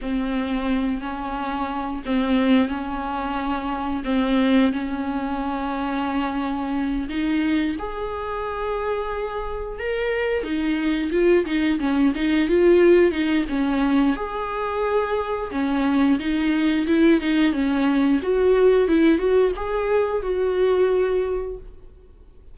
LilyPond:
\new Staff \with { instrumentName = "viola" } { \time 4/4 \tempo 4 = 89 c'4. cis'4. c'4 | cis'2 c'4 cis'4~ | cis'2~ cis'8 dis'4 gis'8~ | gis'2~ gis'8 ais'4 dis'8~ |
dis'8 f'8 dis'8 cis'8 dis'8 f'4 dis'8 | cis'4 gis'2 cis'4 | dis'4 e'8 dis'8 cis'4 fis'4 | e'8 fis'8 gis'4 fis'2 | }